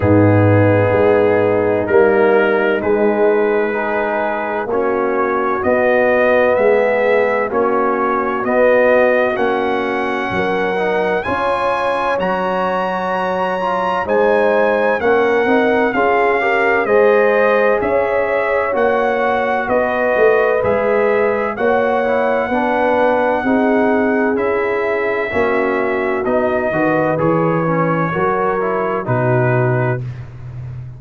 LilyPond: <<
  \new Staff \with { instrumentName = "trumpet" } { \time 4/4 \tempo 4 = 64 gis'2 ais'4 b'4~ | b'4 cis''4 dis''4 e''4 | cis''4 dis''4 fis''2 | gis''4 ais''2 gis''4 |
fis''4 f''4 dis''4 e''4 | fis''4 dis''4 e''4 fis''4~ | fis''2 e''2 | dis''4 cis''2 b'4 | }
  \new Staff \with { instrumentName = "horn" } { \time 4/4 dis'1 | gis'4 fis'2 gis'4 | fis'2. ais'4 | cis''2. c''4 |
ais'4 gis'8 ais'8 c''4 cis''4~ | cis''4 b'2 cis''4 | b'4 gis'2 fis'4~ | fis'8 b'4. ais'4 fis'4 | }
  \new Staff \with { instrumentName = "trombone" } { \time 4/4 b2 ais4 gis4 | dis'4 cis'4 b2 | cis'4 b4 cis'4. dis'8 | f'4 fis'4. f'8 dis'4 |
cis'8 dis'8 f'8 g'8 gis'2 | fis'2 gis'4 fis'8 e'8 | d'4 dis'4 e'4 cis'4 | dis'8 fis'8 gis'8 cis'8 fis'8 e'8 dis'4 | }
  \new Staff \with { instrumentName = "tuba" } { \time 4/4 gis,4 gis4 g4 gis4~ | gis4 ais4 b4 gis4 | ais4 b4 ais4 fis4 | cis'4 fis2 gis4 |
ais8 c'8 cis'4 gis4 cis'4 | ais4 b8 a8 gis4 ais4 | b4 c'4 cis'4 ais4 | b8 dis8 e4 fis4 b,4 | }
>>